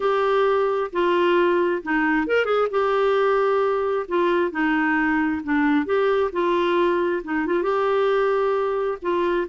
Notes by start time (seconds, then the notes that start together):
0.00 G4
0.92 F4
1.82 D#4
2.26 A#4
2.45 G#4
2.71 G4
4.07 F4
4.51 D#4
5.43 D4
5.85 G4
6.32 F4
7.23 D#4
7.46 F4
7.62 G4
9.02 F4